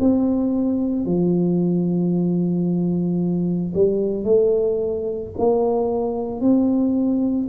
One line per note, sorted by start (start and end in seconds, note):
0.00 1.06 C4
1.06 3.74 F3
3.74 4.24 G3
4.24 5.31 A3
5.38 6.41 A#3
6.41 7.48 C4